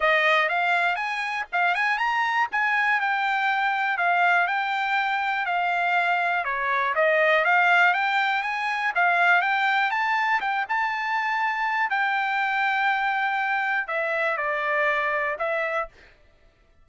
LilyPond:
\new Staff \with { instrumentName = "trumpet" } { \time 4/4 \tempo 4 = 121 dis''4 f''4 gis''4 f''8 gis''8 | ais''4 gis''4 g''2 | f''4 g''2 f''4~ | f''4 cis''4 dis''4 f''4 |
g''4 gis''4 f''4 g''4 | a''4 g''8 a''2~ a''8 | g''1 | e''4 d''2 e''4 | }